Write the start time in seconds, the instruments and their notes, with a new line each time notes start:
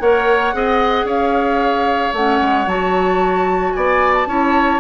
0.00 bassoon A#3, clarinet A#4, oboe C#5, flute F#5
0.53 bassoon C4, clarinet G#4, oboe D#5
1.04 bassoon C#4, oboe C#5, flute F5
2.13 bassoon A3, clarinet C#4, flute F#5
2.41 bassoon G#3
2.66 bassoon F#3, clarinet F#4, flute A5
3.73 bassoon B3, oboe D5, flute G#5
4.14 flute A5
4.27 bassoon C#4, clarinet E4, oboe C#5